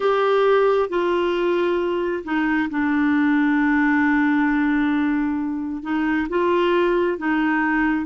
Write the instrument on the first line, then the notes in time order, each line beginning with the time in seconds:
clarinet
0.00 G4
0.89 F4
2.24 D#4
2.70 D4
5.82 D#4
6.29 F4
7.18 D#4